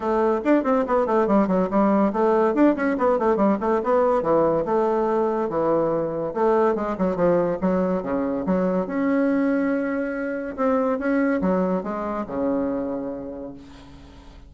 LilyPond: \new Staff \with { instrumentName = "bassoon" } { \time 4/4 \tempo 4 = 142 a4 d'8 c'8 b8 a8 g8 fis8 | g4 a4 d'8 cis'8 b8 a8 | g8 a8 b4 e4 a4~ | a4 e2 a4 |
gis8 fis8 f4 fis4 cis4 | fis4 cis'2.~ | cis'4 c'4 cis'4 fis4 | gis4 cis2. | }